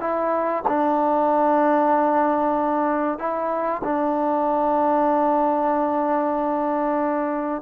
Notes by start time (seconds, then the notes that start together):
0.00 E4
0.67 D4
3.18 E4
3.83 D4